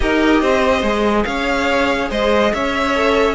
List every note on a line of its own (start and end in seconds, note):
0.00 0.41 D#4
0.00 0.83 G4
0.00 0.40 A#4
0.00 1.24 D#5
0.40 0.82 C4
0.40 1.25 C5
0.82 1.24 G#3
0.82 2.94 G#4
1.24 2.10 C#4
1.24 2.09 C#5
1.24 2.09 F5
2.09 2.52 G#3
2.09 2.52 C5
2.09 2.53 D#5
2.53 3.35 C#4
2.53 3.35 C#5
2.53 3.35 E5
2.94 3.35 A4